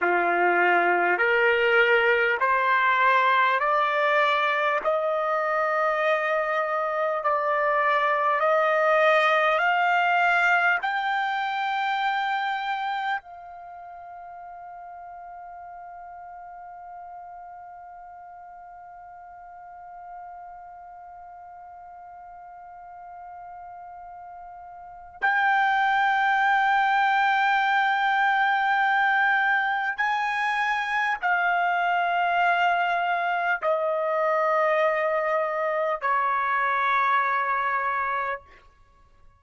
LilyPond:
\new Staff \with { instrumentName = "trumpet" } { \time 4/4 \tempo 4 = 50 f'4 ais'4 c''4 d''4 | dis''2 d''4 dis''4 | f''4 g''2 f''4~ | f''1~ |
f''1~ | f''4 g''2.~ | g''4 gis''4 f''2 | dis''2 cis''2 | }